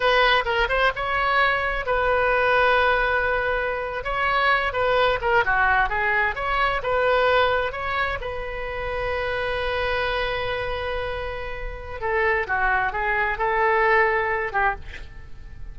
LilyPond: \new Staff \with { instrumentName = "oboe" } { \time 4/4 \tempo 4 = 130 b'4 ais'8 c''8 cis''2 | b'1~ | b'8. cis''4. b'4 ais'8 fis'16~ | fis'8. gis'4 cis''4 b'4~ b'16~ |
b'8. cis''4 b'2~ b'16~ | b'1~ | b'2 a'4 fis'4 | gis'4 a'2~ a'8 g'8 | }